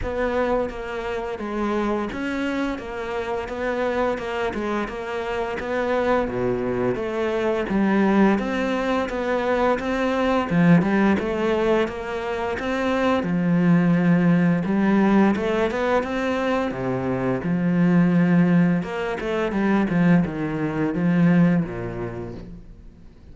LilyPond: \new Staff \with { instrumentName = "cello" } { \time 4/4 \tempo 4 = 86 b4 ais4 gis4 cis'4 | ais4 b4 ais8 gis8 ais4 | b4 b,4 a4 g4 | c'4 b4 c'4 f8 g8 |
a4 ais4 c'4 f4~ | f4 g4 a8 b8 c'4 | c4 f2 ais8 a8 | g8 f8 dis4 f4 ais,4 | }